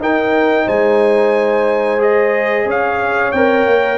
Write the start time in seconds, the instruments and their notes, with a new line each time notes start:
0.00 tuba D#4, trombone D#4, horn A#4, trumpet G5
0.67 tuba G#3, horn C5, trumpet G#5
1.99 trombone G#4, trumpet D#5
2.66 tuba C#4, horn C#5, trumpet F5
3.32 tuba C4, trombone A#4, trumpet G5
3.66 tuba A#3